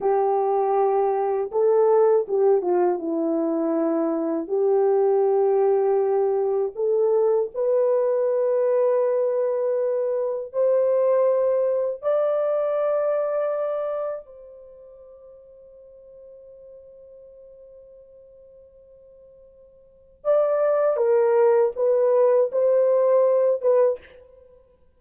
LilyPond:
\new Staff \with { instrumentName = "horn" } { \time 4/4 \tempo 4 = 80 g'2 a'4 g'8 f'8 | e'2 g'2~ | g'4 a'4 b'2~ | b'2 c''2 |
d''2. c''4~ | c''1~ | c''2. d''4 | ais'4 b'4 c''4. b'8 | }